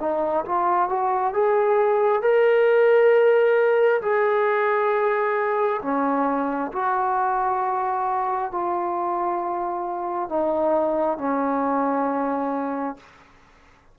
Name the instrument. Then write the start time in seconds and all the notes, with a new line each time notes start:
trombone
0.00 D#4
0.45 F4
0.89 F#4
1.34 G#4
2.22 A#4
4.02 G#4
5.82 C#4
6.72 F#4
8.52 F4
10.29 D#4
11.18 C#4